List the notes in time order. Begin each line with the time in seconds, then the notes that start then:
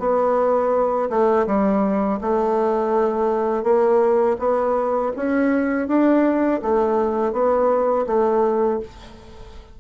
0.00 B3
1.10 A3
1.47 G3
2.22 A3
3.64 A#3
4.39 B3
5.17 C#4
5.88 D4
6.63 A3
7.33 B3
8.07 A3